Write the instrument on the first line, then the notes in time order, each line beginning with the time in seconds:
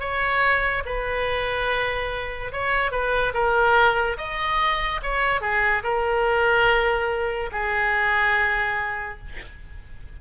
oboe
0.00 C#5
0.86 B4
2.53 C#5
2.92 B4
3.34 A#4
4.18 D#5
5.03 C#5
5.41 G#4
5.84 A#4
7.52 G#4